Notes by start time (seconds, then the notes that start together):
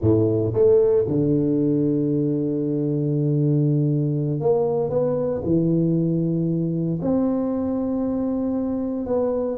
0.01 A2
0.53 A3
1.07 D3
4.40 A#3
4.89 B3
5.44 E3
7.01 C4
9.06 B3